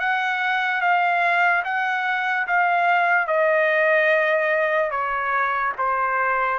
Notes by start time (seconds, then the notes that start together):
0.00 F#5
0.81 F5
1.65 F#5
2.48 F5
3.28 D#5
4.91 C#5
5.78 C5